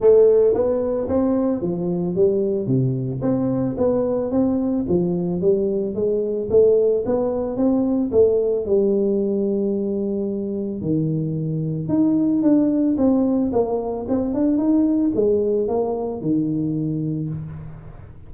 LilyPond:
\new Staff \with { instrumentName = "tuba" } { \time 4/4 \tempo 4 = 111 a4 b4 c'4 f4 | g4 c4 c'4 b4 | c'4 f4 g4 gis4 | a4 b4 c'4 a4 |
g1 | dis2 dis'4 d'4 | c'4 ais4 c'8 d'8 dis'4 | gis4 ais4 dis2 | }